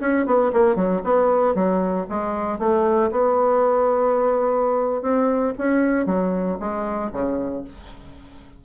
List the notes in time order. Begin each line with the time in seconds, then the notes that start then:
0.00 C#4
0.26 B3
0.53 A#3
0.75 F#3
1.04 B3
1.54 F#3
2.09 G#3
2.59 A3
3.11 B3
5.02 C4
5.58 C#4
6.06 F#3
6.59 G#3
7.12 C#3